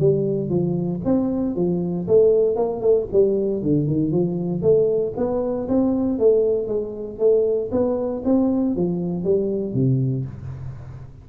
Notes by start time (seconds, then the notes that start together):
0.00 G3
0.50 F3
1.06 C4
1.56 F3
2.08 A3
2.57 A#3
2.81 A3
3.13 G3
3.63 D3
3.88 D#3
4.12 F3
4.62 A3
5.17 B3
5.69 C4
6.19 A3
6.68 G#3
7.20 A3
7.72 B3
8.25 C4
8.76 F3
9.25 G3
9.74 C3